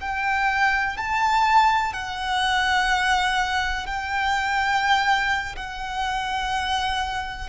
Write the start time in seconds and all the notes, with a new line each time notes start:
0.00 G5
0.97 A5
1.93 F#5
3.86 G5
5.56 F#5